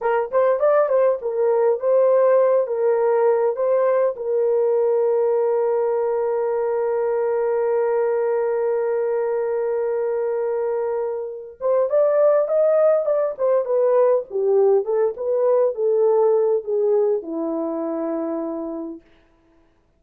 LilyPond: \new Staff \with { instrumentName = "horn" } { \time 4/4 \tempo 4 = 101 ais'8 c''8 d''8 c''8 ais'4 c''4~ | c''8 ais'4. c''4 ais'4~ | ais'1~ | ais'1~ |
ais'2.~ ais'8 c''8 | d''4 dis''4 d''8 c''8 b'4 | g'4 a'8 b'4 a'4. | gis'4 e'2. | }